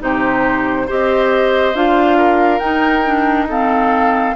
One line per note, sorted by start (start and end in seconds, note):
0.00 0.88 C3
0.00 0.87 D#4
0.00 0.88 G4
0.00 0.89 C5
0.88 1.75 C4
0.88 1.75 G4
0.88 2.18 C5
0.88 1.76 D#5
1.75 2.61 D4
1.75 2.61 F4
1.75 2.59 F5
2.18 3.48 A#4
2.59 3.04 D#4
2.59 4.35 D#4
2.59 3.46 G5
3.06 3.49 D4
3.49 4.36 C4
3.49 4.36 A4
3.49 4.36 F5